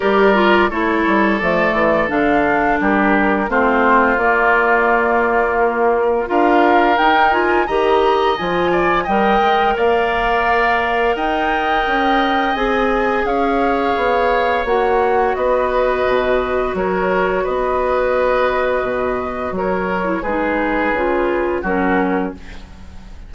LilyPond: <<
  \new Staff \with { instrumentName = "flute" } { \time 4/4 \tempo 4 = 86 d''4 cis''4 d''4 f''4 | ais'4 c''4 d''2 | ais'4 f''4 g''8 gis''8 ais''4 | gis''4 g''4 f''2 |
g''2 gis''4 f''4~ | f''4 fis''4 dis''2 | cis''4 dis''2. | cis''4 b'2 ais'4 | }
  \new Staff \with { instrumentName = "oboe" } { \time 4/4 ais'4 a'2. | g'4 f'2.~ | f'4 ais'2 dis''4~ | dis''8 d''8 dis''4 d''2 |
dis''2. cis''4~ | cis''2 b'2 | ais'4 b'2. | ais'4 gis'2 fis'4 | }
  \new Staff \with { instrumentName = "clarinet" } { \time 4/4 g'8 f'8 e'4 a4 d'4~ | d'4 c'4 ais2~ | ais4 f'4 dis'8 f'8 g'4 | f'4 ais'2.~ |
ais'2 gis'2~ | gis'4 fis'2.~ | fis'1~ | fis'8. e'16 dis'4 f'4 cis'4 | }
  \new Staff \with { instrumentName = "bassoon" } { \time 4/4 g4 a8 g8 f8 e8 d4 | g4 a4 ais2~ | ais4 d'4 dis'4 dis4 | f4 g8 gis8 ais2 |
dis'4 cis'4 c'4 cis'4 | b4 ais4 b4 b,4 | fis4 b2 b,4 | fis4 gis4 cis4 fis4 | }
>>